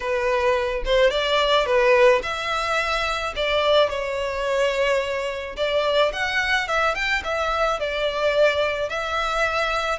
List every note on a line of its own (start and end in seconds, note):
0.00 0.83 B4
0.85 1.10 C5
1.10 1.65 D5
1.65 2.21 B4
2.22 3.33 E5
3.36 3.89 D5
3.89 5.56 C#5
5.56 6.12 D5
6.12 6.68 F#5
6.68 6.94 E5
6.94 7.22 G5
7.24 7.79 E5
7.79 8.89 D5
8.89 9.99 E5